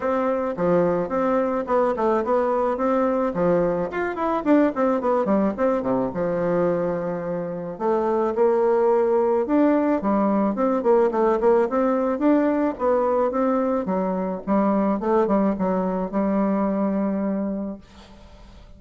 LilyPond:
\new Staff \with { instrumentName = "bassoon" } { \time 4/4 \tempo 4 = 108 c'4 f4 c'4 b8 a8 | b4 c'4 f4 f'8 e'8 | d'8 c'8 b8 g8 c'8 c8 f4~ | f2 a4 ais4~ |
ais4 d'4 g4 c'8 ais8 | a8 ais8 c'4 d'4 b4 | c'4 fis4 g4 a8 g8 | fis4 g2. | }